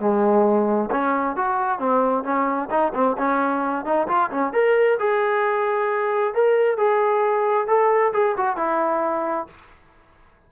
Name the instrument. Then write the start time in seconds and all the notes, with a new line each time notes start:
trombone
0.00 G#3
0.91 C#4
1.37 F#4
1.79 C4
2.24 C#4
2.70 D#4
2.94 C4
3.18 C#4
3.85 D#4
4.08 F4
4.31 C#4
4.53 A#4
5.00 G#4
6.35 A#4
6.78 G#4
7.68 A4
8.13 G#4
8.37 F#4
8.57 E4